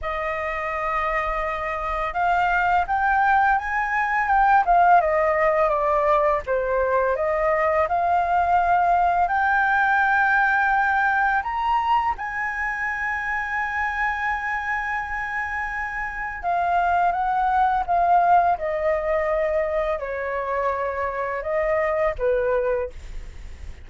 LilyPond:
\new Staff \with { instrumentName = "flute" } { \time 4/4 \tempo 4 = 84 dis''2. f''4 | g''4 gis''4 g''8 f''8 dis''4 | d''4 c''4 dis''4 f''4~ | f''4 g''2. |
ais''4 gis''2.~ | gis''2. f''4 | fis''4 f''4 dis''2 | cis''2 dis''4 b'4 | }